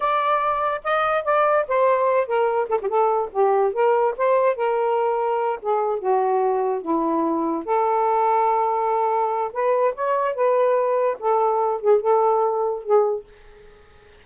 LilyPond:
\new Staff \with { instrumentName = "saxophone" } { \time 4/4 \tempo 4 = 145 d''2 dis''4 d''4 | c''4. ais'4 a'16 g'16 a'4 | g'4 ais'4 c''4 ais'4~ | ais'4. gis'4 fis'4.~ |
fis'8 e'2 a'4.~ | a'2. b'4 | cis''4 b'2 a'4~ | a'8 gis'8 a'2 gis'4 | }